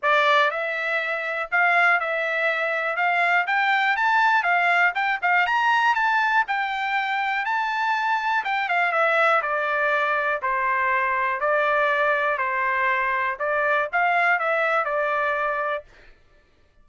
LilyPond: \new Staff \with { instrumentName = "trumpet" } { \time 4/4 \tempo 4 = 121 d''4 e''2 f''4 | e''2 f''4 g''4 | a''4 f''4 g''8 f''8 ais''4 | a''4 g''2 a''4~ |
a''4 g''8 f''8 e''4 d''4~ | d''4 c''2 d''4~ | d''4 c''2 d''4 | f''4 e''4 d''2 | }